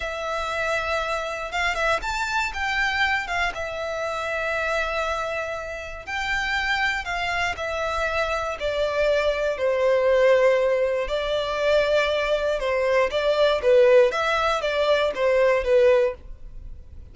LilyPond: \new Staff \with { instrumentName = "violin" } { \time 4/4 \tempo 4 = 119 e''2. f''8 e''8 | a''4 g''4. f''8 e''4~ | e''1 | g''2 f''4 e''4~ |
e''4 d''2 c''4~ | c''2 d''2~ | d''4 c''4 d''4 b'4 | e''4 d''4 c''4 b'4 | }